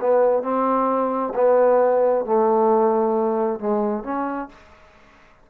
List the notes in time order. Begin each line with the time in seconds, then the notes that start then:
0.00 B3
0.42 C4
1.35 B3
2.25 A3
3.59 G#3
4.03 C#4